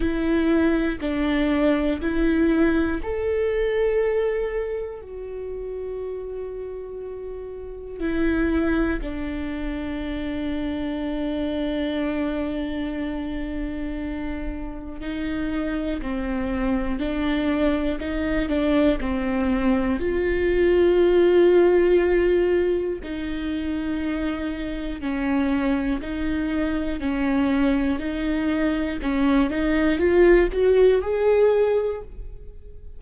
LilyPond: \new Staff \with { instrumentName = "viola" } { \time 4/4 \tempo 4 = 60 e'4 d'4 e'4 a'4~ | a'4 fis'2. | e'4 d'2.~ | d'2. dis'4 |
c'4 d'4 dis'8 d'8 c'4 | f'2. dis'4~ | dis'4 cis'4 dis'4 cis'4 | dis'4 cis'8 dis'8 f'8 fis'8 gis'4 | }